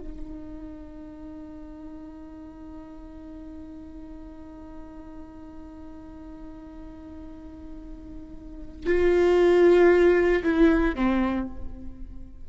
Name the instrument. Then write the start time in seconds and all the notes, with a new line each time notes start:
viola
0.00 D#4
8.86 F4
10.43 E4
10.96 C4